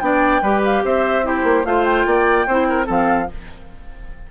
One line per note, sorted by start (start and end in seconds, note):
0.00 0.42 B3
0.00 0.42 D4
0.00 0.42 D5
0.00 0.61 G5
0.42 0.83 G3
0.42 1.24 G4
0.42 0.83 B4
0.65 0.85 F5
0.85 1.44 C4
0.85 1.26 C5
0.85 1.26 E5
1.24 1.64 E4
1.24 1.67 G4
1.24 1.66 C5
1.44 1.64 A#3
1.65 2.06 A3
1.65 2.47 F4
1.65 2.07 C5
1.65 1.85 F5
1.85 2.87 G5
2.06 2.47 A#3
2.06 2.47 D5
2.47 2.89 C4
2.47 2.86 E4
2.47 2.68 C5
2.70 2.86 A#4
2.86 3.30 F3
2.86 3.27 C4
2.86 3.27 A4
2.86 3.32 F5